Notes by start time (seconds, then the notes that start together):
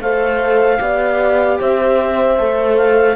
0.00 A3 A4 C5 F5
0.79 B3 G4 D5
1.60 C4 C5 E5
2.38 A3 A4
2.77 F5